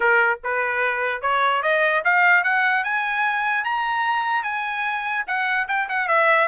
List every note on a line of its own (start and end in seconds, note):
0.00 0.39 A#4
0.43 1.21 B4
1.21 1.62 C#5
1.62 2.03 D#5
2.04 2.43 F5
2.43 2.84 F#5
2.84 3.64 G#5
3.64 4.43 A#5
4.43 5.24 G#5
5.27 5.67 F#5
5.68 5.88 G5
5.89 6.08 F#5
6.08 6.48 E5